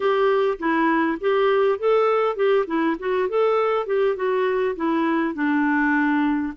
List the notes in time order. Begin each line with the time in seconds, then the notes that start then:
0.00 G4
0.58 E4
1.20 G4
1.78 A4
2.36 G4
2.67 E4
2.99 F#4
3.29 A4
3.86 G4
4.16 F#4
4.76 E4
5.34 D4